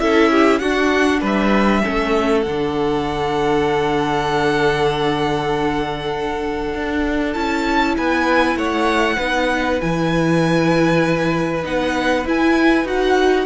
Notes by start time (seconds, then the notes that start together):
0.00 C#4 E4 A4 E5
0.32 G4
0.59 D4 F#4 F#5
1.21 G3 B4 E5
1.83 A3 C#4 A4
2.42 D3 F#5
2.49 D4
6.75 D4
7.34 C#4 E4 A5
7.98 B3 B4 G#5
8.56 A3 C#5 F#5
9.17 B3 D#4 B4
9.81 E3 E4 G#5
11.63 B3 D#4 F#5
12.25 E4 G#5
12.85 D#4 F#4 F#5